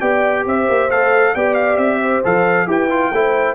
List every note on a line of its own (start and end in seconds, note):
0.00 0.45 B3
0.00 0.90 G4
0.00 0.45 D5
0.00 0.44 G5
0.46 0.68 C4
0.46 1.34 C5
0.46 0.90 E5
0.69 0.90 A#3
0.90 1.34 A3
0.90 1.36 A4
0.90 1.35 F5
1.34 1.77 B3
1.34 2.24 G4
1.34 2.00 D5
1.34 1.54 G5
1.54 1.77 F5
1.77 2.21 C4
1.77 2.21 E5
2.00 2.67 C5
2.24 2.67 F3
2.24 2.66 A4
2.24 2.70 F5
2.66 3.11 E4
2.66 2.89 G4
2.66 3.13 B4
2.66 3.55 G5
2.90 3.12 F4
3.11 3.55 A3
3.11 3.55 E4
3.11 3.55 C5